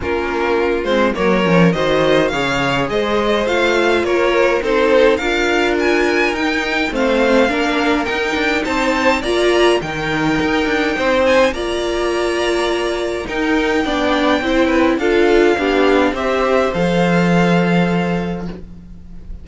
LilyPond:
<<
  \new Staff \with { instrumentName = "violin" } { \time 4/4 \tempo 4 = 104 ais'4. c''8 cis''4 dis''4 | f''4 dis''4 f''4 cis''4 | c''4 f''4 gis''4 g''4 | f''2 g''4 a''4 |
ais''4 g''2~ g''8 gis''8 | ais''2. g''4~ | g''2 f''2 | e''4 f''2. | }
  \new Staff \with { instrumentName = "violin" } { \time 4/4 f'2 ais'4 c''4 | cis''4 c''2 ais'4 | a'4 ais'2. | c''4 ais'2 c''4 |
d''4 ais'2 c''4 | d''2. ais'4 | d''4 c''8 b'8 a'4 g'4 | c''1 | }
  \new Staff \with { instrumentName = "viola" } { \time 4/4 cis'4. c'8 ais8 cis'8 fis'4 | gis'2 f'2 | dis'4 f'2 dis'4 | c'4 d'4 dis'2 |
f'4 dis'2. | f'2. dis'4 | d'4 e'4 f'4 d'4 | g'4 a'2. | }
  \new Staff \with { instrumentName = "cello" } { \time 4/4 ais4. gis8 fis8 f8 dis4 | cis4 gis4 a4 ais4 | c'4 d'2 dis'4 | a4 ais4 dis'8 d'8 c'4 |
ais4 dis4 dis'8 d'8 c'4 | ais2. dis'4 | b4 c'4 d'4 b4 | c'4 f2. | }
>>